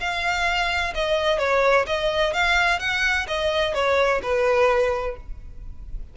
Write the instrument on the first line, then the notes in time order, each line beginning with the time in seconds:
violin
0.00 F5
0.95 D#5
1.39 C#5
1.87 D#5
2.34 F5
2.80 F#5
3.27 D#5
3.74 C#5
4.23 B4